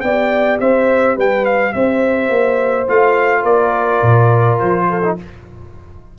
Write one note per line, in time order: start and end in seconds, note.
0.00 0.59 B3
0.00 2.87 G4
0.00 0.61 D5
0.00 0.57 G5
0.60 1.16 C4
0.60 1.16 C5
0.60 1.17 E5
1.16 1.74 G3
1.16 1.73 B4
1.16 1.45 G5
1.45 1.72 F5
1.72 2.29 C4
1.72 3.43 C5
1.72 2.87 E5
2.29 2.86 A#3
2.87 3.43 A3
2.87 5.02 F4
2.87 3.44 F5
3.43 4.00 A#3
3.43 4.85 A#4
3.43 4.59 D5
4.02 4.59 A#2
4.59 5.18 F3
4.59 5.16 C5
4.89 5.18 A4
5.02 5.17 D#4